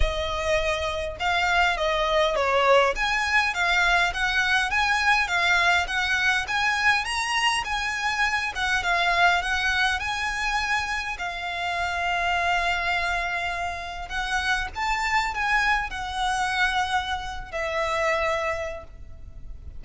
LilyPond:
\new Staff \with { instrumentName = "violin" } { \time 4/4 \tempo 4 = 102 dis''2 f''4 dis''4 | cis''4 gis''4 f''4 fis''4 | gis''4 f''4 fis''4 gis''4 | ais''4 gis''4. fis''8 f''4 |
fis''4 gis''2 f''4~ | f''1 | fis''4 a''4 gis''4 fis''4~ | fis''4.~ fis''16 e''2~ e''16 | }